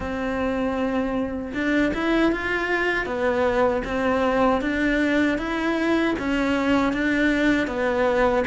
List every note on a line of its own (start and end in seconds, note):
0.00 1.52 C4
1.53 1.92 D4
1.93 2.31 E4
2.31 3.06 F4
3.06 3.83 B3
3.84 4.61 C4
4.61 5.37 D4
5.37 6.14 E4
6.18 6.92 C#4
6.92 7.67 D4
7.67 8.44 B3